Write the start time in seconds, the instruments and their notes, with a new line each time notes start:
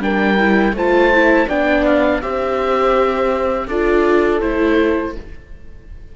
0.00 cello G3, viola D4, horn A#4, oboe G5
0.38 viola E4
0.73 cello A3, viola F4, horn C5, oboe A5
1.14 viola E4
1.49 cello B3, viola D4, horn D5, oboe G5
1.86 oboe F5
2.22 cello C4, viola G4, horn C5, oboe E5
3.68 cello D4, viola F4, horn A4, oboe D5
4.41 cello A3, viola E4, oboe C5